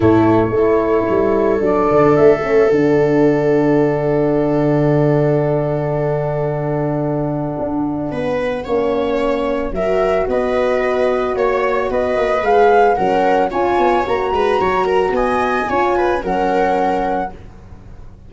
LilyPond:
<<
  \new Staff \with { instrumentName = "flute" } { \time 4/4 \tempo 4 = 111 cis''2. d''4 | e''4 fis''2.~ | fis''1~ | fis''1~ |
fis''2 e''4 dis''4~ | dis''4 cis''4 dis''4 f''4 | fis''4 gis''4 ais''2 | gis''2 fis''2 | }
  \new Staff \with { instrumentName = "viola" } { \time 4/4 e'4 a'2.~ | a'1~ | a'1~ | a'2. b'4 |
cis''2 ais'4 b'4~ | b'4 cis''4 b'2 | ais'4 cis''4. b'8 cis''8 ais'8 | dis''4 cis''8 b'8 ais'2 | }
  \new Staff \with { instrumentName = "horn" } { \time 4/4 a4 e'2 d'4~ | d'8 cis'8 d'2.~ | d'1~ | d'1 |
cis'2 fis'2~ | fis'2. gis'4 | cis'4 f'4 fis'2~ | fis'4 f'4 cis'2 | }
  \new Staff \with { instrumentName = "tuba" } { \time 4/4 a,4 a4 g4 fis8 d8 | a4 d2.~ | d1~ | d2 d'4 b4 |
ais2 fis4 b4~ | b4 ais4 b8 ais8 gis4 | fis4 cis'8 b8 ais8 gis8 fis4 | b4 cis'4 fis2 | }
>>